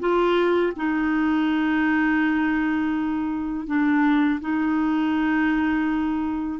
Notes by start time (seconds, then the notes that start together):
0.00 F4
0.76 D#4
3.67 D4
4.41 D#4